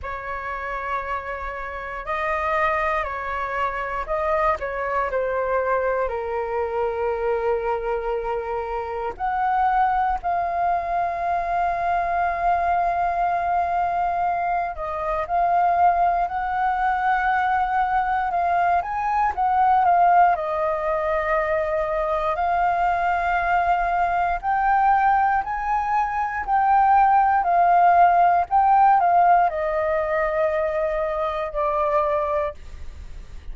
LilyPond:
\new Staff \with { instrumentName = "flute" } { \time 4/4 \tempo 4 = 59 cis''2 dis''4 cis''4 | dis''8 cis''8 c''4 ais'2~ | ais'4 fis''4 f''2~ | f''2~ f''8 dis''8 f''4 |
fis''2 f''8 gis''8 fis''8 f''8 | dis''2 f''2 | g''4 gis''4 g''4 f''4 | g''8 f''8 dis''2 d''4 | }